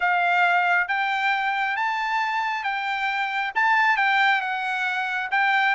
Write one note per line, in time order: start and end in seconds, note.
0.00 0.88 F5
0.88 1.76 G5
1.76 2.63 A5
2.63 3.52 G5
3.55 3.97 A5
3.97 4.41 G5
4.41 5.29 F#5
5.31 5.75 G5